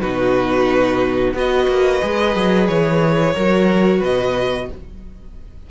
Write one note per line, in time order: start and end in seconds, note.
0.00 1.33 B2
0.00 1.35 D#4
0.00 1.35 F#4
0.00 1.33 B4
1.33 1.67 B3
1.33 2.01 F#4
1.33 3.33 B4
1.33 2.67 D#5
1.67 2.01 A#3
2.01 2.36 G#3
2.01 3.35 G#4
2.36 2.68 F#3
2.67 3.35 E3
2.67 4.00 C#5
3.33 4.01 F#3
3.33 4.69 F#4
3.33 3.99 A#4
3.99 4.68 B2
3.99 4.66 B4
3.99 4.70 D#5